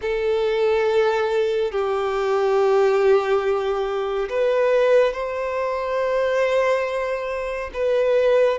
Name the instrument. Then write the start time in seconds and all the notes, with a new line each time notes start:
violin
0.01 A4
1.71 G4
4.29 B4
5.13 C5
7.73 B4